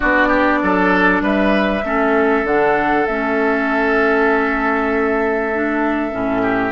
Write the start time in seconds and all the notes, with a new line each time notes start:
0.00 B3 D4 F#4 D5
0.28 G4
0.62 F#3 A4
1.21 G3 B4 E5
1.83 A3 C#4 A4
2.44 D3 D4 F#5
3.06 A3 C#4 E5
5.53 D4
6.11 A2 C#4
6.42 G4